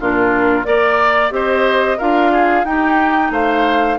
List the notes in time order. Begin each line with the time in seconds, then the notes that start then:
0.00 A#2 D4 F4 A#4
0.65 A#3 A#4 D5
1.31 C4 G4 C5 D#5
1.98 D4 F4 A#4 F5
2.32 G#4
2.65 D#4 G4 G5
3.31 A3 C5 F5